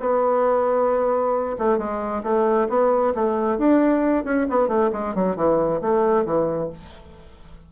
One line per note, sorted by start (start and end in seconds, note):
0.00 1.57 B3
1.59 1.78 A3
1.78 2.23 G#3
2.23 2.68 A3
2.69 3.14 B3
3.15 3.58 A3
3.58 4.25 D4
4.25 4.47 C#4
4.50 4.68 B3
4.68 4.91 A3
4.93 5.15 G#3
5.15 5.36 F#3
5.36 5.81 E3
5.81 6.25 A3
6.25 6.70 E3